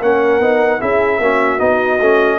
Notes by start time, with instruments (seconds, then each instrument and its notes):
0.00 tuba A#3, trombone C#4, horn A#4, trumpet F#5
0.40 tuba B3, trombone D#4
0.80 tuba C#4, trombone E4, horn G#4, trumpet E5
1.19 tuba A#3, trombone C#4, horn F#4
1.59 tuba B3, trombone D#4, trumpet D#5
2.00 tuba A3, trombone C#4